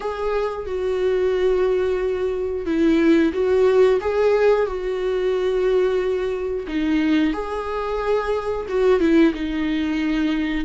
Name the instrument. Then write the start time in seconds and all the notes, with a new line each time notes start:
viola
0.00 G#4
0.65 F#4
2.65 E4
3.33 F#4
4.00 G#4
4.66 F#4
6.67 D#4
7.33 G#4
8.68 F#4
8.99 E4
9.34 D#4